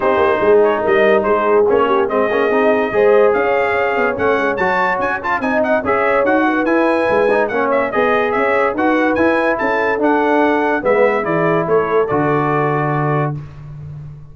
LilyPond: <<
  \new Staff \with { instrumentName = "trumpet" } { \time 4/4 \tempo 4 = 144 c''4. cis''8 dis''4 c''4 | cis''4 dis''2. | f''2 fis''4 a''4 | gis''8 a''8 gis''8 fis''8 e''4 fis''4 |
gis''2 fis''8 e''8 dis''4 | e''4 fis''4 gis''4 a''4 | fis''2 e''4 d''4 | cis''4 d''2. | }
  \new Staff \with { instrumentName = "horn" } { \time 4/4 g'4 gis'4 ais'4 gis'4~ | gis'8 g'8 gis'2 c''4 | cis''1~ | cis''4 dis''4 cis''4. b'8~ |
b'2 cis''4 dis''4 | cis''4 b'2 a'4~ | a'2 b'4 gis'4 | a'1 | }
  \new Staff \with { instrumentName = "trombone" } { \time 4/4 dis'1 | cis'4 c'8 cis'8 dis'4 gis'4~ | gis'2 cis'4 fis'4~ | fis'8 f'8 dis'4 gis'4 fis'4 |
e'4. dis'8 cis'4 gis'4~ | gis'4 fis'4 e'2 | d'2 b4 e'4~ | e'4 fis'2. | }
  \new Staff \with { instrumentName = "tuba" } { \time 4/4 c'8 ais8 gis4 g4 gis4 | ais4 gis8 ais8 c'4 gis4 | cis'4. b8 a8 gis8 fis4 | cis'4 c'4 cis'4 dis'4 |
e'4 gis4 ais4 b4 | cis'4 dis'4 e'4 cis'4 | d'2 gis4 e4 | a4 d2. | }
>>